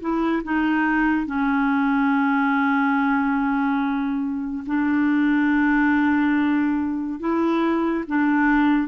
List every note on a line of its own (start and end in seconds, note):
0.00 0.42 E4
0.43 1.26 D#4
1.26 4.64 C#4
4.66 7.19 D4
7.19 8.04 E4
8.07 8.88 D4